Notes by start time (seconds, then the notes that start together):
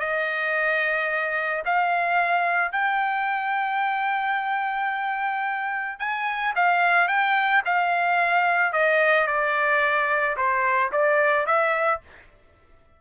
0.00 D#5
1.65 F5
2.72 G5
6.00 G#5
6.56 F5
7.08 G5
7.65 F5
8.73 D#5
9.28 D5
10.37 C5
10.93 D5
11.47 E5